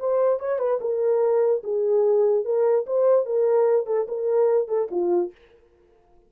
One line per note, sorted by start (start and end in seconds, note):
0.00 0.40 C5
0.40 0.59 C#5
0.59 0.80 B4
0.81 1.63 A#4
1.64 2.45 G#4
2.45 2.86 A#4
2.86 3.26 C5
3.26 3.87 A#4
3.87 4.07 A4
4.08 4.68 A#4
4.68 4.89 A4
4.91 5.32 F4